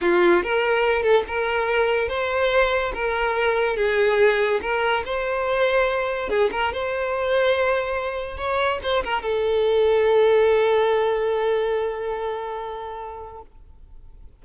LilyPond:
\new Staff \with { instrumentName = "violin" } { \time 4/4 \tempo 4 = 143 f'4 ais'4. a'8 ais'4~ | ais'4 c''2 ais'4~ | ais'4 gis'2 ais'4 | c''2. gis'8 ais'8 |
c''1 | cis''4 c''8 ais'8 a'2~ | a'1~ | a'1 | }